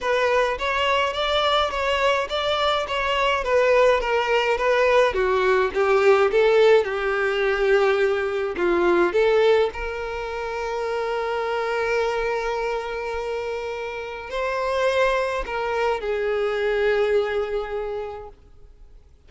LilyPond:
\new Staff \with { instrumentName = "violin" } { \time 4/4 \tempo 4 = 105 b'4 cis''4 d''4 cis''4 | d''4 cis''4 b'4 ais'4 | b'4 fis'4 g'4 a'4 | g'2. f'4 |
a'4 ais'2.~ | ais'1~ | ais'4 c''2 ais'4 | gis'1 | }